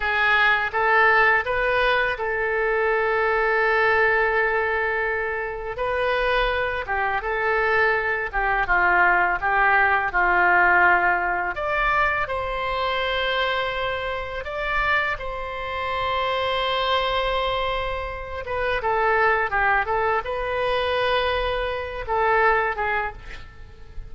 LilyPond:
\new Staff \with { instrumentName = "oboe" } { \time 4/4 \tempo 4 = 83 gis'4 a'4 b'4 a'4~ | a'1 | b'4. g'8 a'4. g'8 | f'4 g'4 f'2 |
d''4 c''2. | d''4 c''2.~ | c''4. b'8 a'4 g'8 a'8 | b'2~ b'8 a'4 gis'8 | }